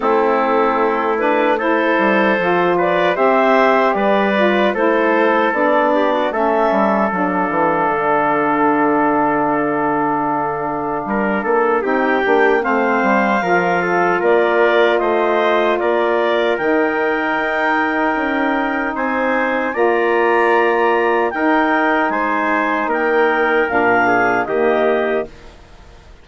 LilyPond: <<
  \new Staff \with { instrumentName = "clarinet" } { \time 4/4 \tempo 4 = 76 a'4. b'8 c''4. d''8 | e''4 d''4 c''4 d''4 | e''4 f''2.~ | f''2. g''4 |
f''2 d''4 dis''4 | d''4 g''2. | gis''4 ais''2 g''4 | gis''4 g''4 f''4 dis''4 | }
  \new Staff \with { instrumentName = "trumpet" } { \time 4/4 e'2 a'4. b'8 | c''4 b'4 a'4. g'16 fis'16 | a'1~ | a'2 ais'8 a'8 g'4 |
c''4 ais'8 a'8 ais'4 c''4 | ais'1 | c''4 d''2 ais'4 | c''4 ais'4. gis'8 g'4 | }
  \new Staff \with { instrumentName = "saxophone" } { \time 4/4 c'4. d'8 e'4 f'4 | g'4. f'8 e'4 d'4 | cis'4 d'2.~ | d'2. dis'8 d'8 |
c'4 f'2.~ | f'4 dis'2.~ | dis'4 f'2 dis'4~ | dis'2 d'4 ais4 | }
  \new Staff \with { instrumentName = "bassoon" } { \time 4/4 a2~ a8 g8 f4 | c'4 g4 a4 b4 | a8 g8 fis8 e8 d2~ | d2 g8 ais8 c'8 ais8 |
a8 g8 f4 ais4 a4 | ais4 dis4 dis'4 cis'4 | c'4 ais2 dis'4 | gis4 ais4 ais,4 dis4 | }
>>